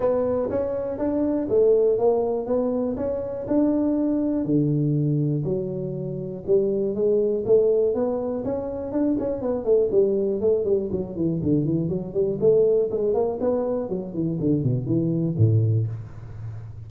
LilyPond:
\new Staff \with { instrumentName = "tuba" } { \time 4/4 \tempo 4 = 121 b4 cis'4 d'4 a4 | ais4 b4 cis'4 d'4~ | d'4 d2 fis4~ | fis4 g4 gis4 a4 |
b4 cis'4 d'8 cis'8 b8 a8 | g4 a8 g8 fis8 e8 d8 e8 | fis8 g8 a4 gis8 ais8 b4 | fis8 e8 d8 b,8 e4 a,4 | }